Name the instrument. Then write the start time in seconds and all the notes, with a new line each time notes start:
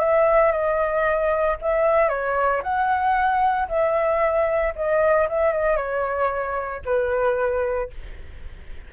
flute
0.00 E5
0.52 D#5
1.62 E5
2.09 C#5
2.63 F#5
3.68 E5
4.76 D#5
5.29 E5
5.53 D#5
5.77 C#5
6.85 B4